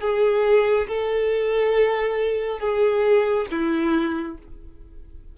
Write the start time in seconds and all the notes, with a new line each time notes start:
0.00 G#4
0.88 A4
2.59 G#4
3.51 E4